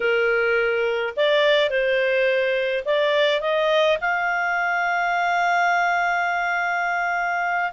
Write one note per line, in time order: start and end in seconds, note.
0.00 1.14 A#4
1.16 1.69 D5
1.69 2.84 C5
2.85 3.41 D5
3.41 3.98 D#5
4.00 7.72 F5